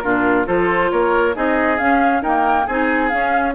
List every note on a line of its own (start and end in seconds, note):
0.00 0.48 A#2
0.00 0.45 D4
0.00 0.47 F4
0.00 0.44 A#4
0.45 0.91 F3
0.45 1.34 F4
0.45 0.91 A4
0.45 0.91 C5
0.91 1.36 A#3
0.91 1.35 A#4
0.91 1.35 C#5
1.34 1.79 C4
1.34 1.78 D#4
1.34 2.22 G#4
1.34 1.78 D#5
1.78 2.23 C#4
1.78 2.22 C#4
1.78 2.22 F5
2.22 2.69 A#3
2.22 2.66 D#4
2.22 2.66 A#4
2.22 2.66 G5
2.66 3.12 C4
2.66 3.10 D#4
2.66 3.54 G#4
2.66 3.08 G#5
3.08 3.54 C#4
3.08 3.52 F5